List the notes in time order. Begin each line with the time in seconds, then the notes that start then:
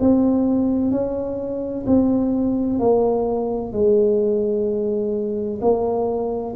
0.00 C4
0.92 C#4
1.87 C4
2.80 A#3
3.72 G#3
5.62 A#3